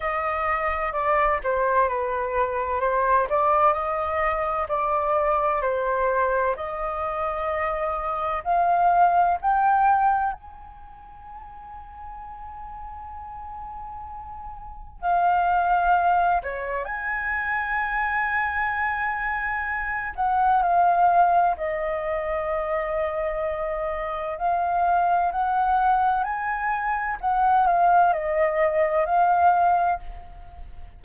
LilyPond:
\new Staff \with { instrumentName = "flute" } { \time 4/4 \tempo 4 = 64 dis''4 d''8 c''8 b'4 c''8 d''8 | dis''4 d''4 c''4 dis''4~ | dis''4 f''4 g''4 gis''4~ | gis''1 |
f''4. cis''8 gis''2~ | gis''4. fis''8 f''4 dis''4~ | dis''2 f''4 fis''4 | gis''4 fis''8 f''8 dis''4 f''4 | }